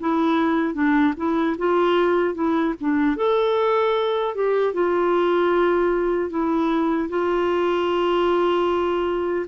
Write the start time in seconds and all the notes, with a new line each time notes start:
0.00 E4
0.75 D4
1.17 E4
1.58 F4
2.35 E4
2.81 D4
3.17 A4
4.35 G4
4.74 F4
6.30 E4
7.09 F4